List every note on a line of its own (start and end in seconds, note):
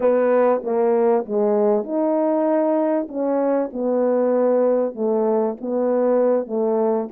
0.00 0.62 B3
0.63 1.25 A#3
1.25 1.84 G#3
1.84 3.07 D#4
3.08 3.70 C#4
3.73 4.94 B3
4.94 5.56 A3
5.60 6.46 B3
6.46 7.08 A3